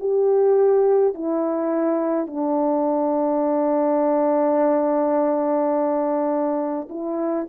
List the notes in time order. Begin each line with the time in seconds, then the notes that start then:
0.00 G4
1.14 E4
2.27 D4
6.90 E4